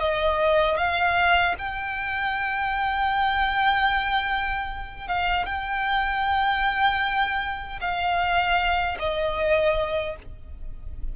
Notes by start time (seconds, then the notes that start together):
0.00 D#5
0.78 F5
1.59 G5
5.08 F5
5.46 G5
7.81 F5
9.00 D#5